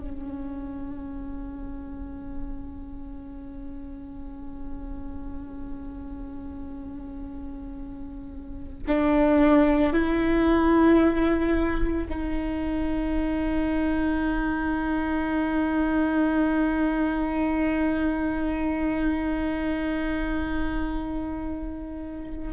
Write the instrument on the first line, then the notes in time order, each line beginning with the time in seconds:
viola
0.00 C#4
8.88 D4
9.94 E4
12.10 D#4